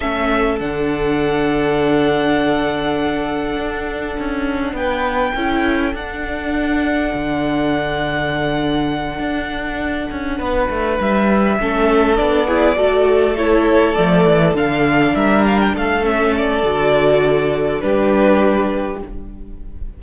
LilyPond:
<<
  \new Staff \with { instrumentName = "violin" } { \time 4/4 \tempo 4 = 101 e''4 fis''2.~ | fis''1 | g''2 fis''2~ | fis''1~ |
fis''2~ fis''8 e''4.~ | e''8 d''2 cis''4 d''8~ | d''8 f''4 e''8 f''16 g''16 f''8 e''8 d''8~ | d''2 b'2 | }
  \new Staff \with { instrumentName = "violin" } { \time 4/4 a'1~ | a'1 | b'4 a'2.~ | a'1~ |
a'4. b'2 a'8~ | a'4 gis'8 a'2~ a'8~ | a'4. ais'4 a'4.~ | a'2 g'2 | }
  \new Staff \with { instrumentName = "viola" } { \time 4/4 cis'4 d'2.~ | d'1~ | d'4 e'4 d'2~ | d'1~ |
d'2.~ d'8 cis'8~ | cis'8 d'8 e'8 fis'4 e'4 a8~ | a8 d'2~ d'8 cis'4 | fis'2 d'2 | }
  \new Staff \with { instrumentName = "cello" } { \time 4/4 a4 d2.~ | d2 d'4 cis'4 | b4 cis'4 d'2 | d2.~ d8 d'8~ |
d'4 cis'8 b8 a8 g4 a8~ | a8 b4 a2 f8 | e8 d4 g4 a4. | d2 g2 | }
>>